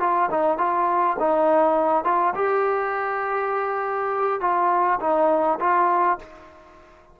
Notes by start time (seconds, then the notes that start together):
0.00 F4
0.31 D#4
0.58 F4
1.20 D#4
2.05 F4
2.35 G4
4.41 F4
5.00 D#4
5.60 F4